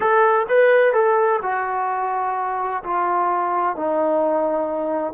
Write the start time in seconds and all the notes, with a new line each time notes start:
0.00 A4
0.49 B4
0.93 A4
1.42 F#4
2.83 F4
3.76 D#4